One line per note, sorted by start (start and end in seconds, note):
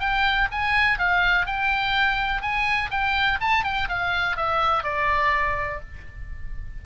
0.00 0.48 G5
0.51 0.99 G#5
0.99 1.46 F5
1.46 2.42 G5
2.42 2.90 G#5
2.91 3.39 G5
3.41 3.64 A5
3.64 3.88 G5
3.89 4.37 F5
4.37 4.84 E5
4.84 5.80 D5